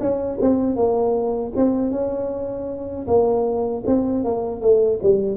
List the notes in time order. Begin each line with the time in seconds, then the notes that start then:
0.00 C#4
0.41 C4
0.75 A#3
1.55 C4
1.91 C#4
3.07 A#3
3.86 C4
4.24 A#3
4.60 A3
5.02 G3